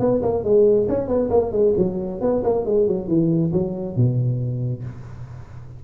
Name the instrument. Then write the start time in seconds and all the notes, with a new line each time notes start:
tuba
0.00 B3
0.23 A#3
0.44 G#3
0.89 C#4
1.08 B3
1.31 A#3
1.52 G#3
1.77 F#3
2.21 B3
2.44 A#3
2.66 G#3
2.88 F#3
3.08 E3
3.53 F#3
3.97 B2